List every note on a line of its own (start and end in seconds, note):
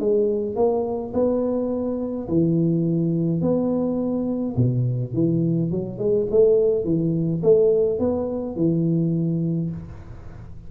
0.00 0.56 G#3
0.56 1.13 A#3
1.14 2.29 B3
2.29 3.42 E3
3.42 4.56 B3
4.57 5.14 B2
5.14 5.71 E3
5.71 5.99 F#3
5.99 6.27 G#3
6.31 6.85 A3
6.85 7.42 E3
7.43 8.00 A3
8.00 8.56 B3
8.56 9.71 E3